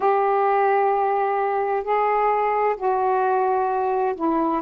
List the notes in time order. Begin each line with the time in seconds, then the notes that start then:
0.00 G4
1.83 G#4
2.76 F#4
4.15 E4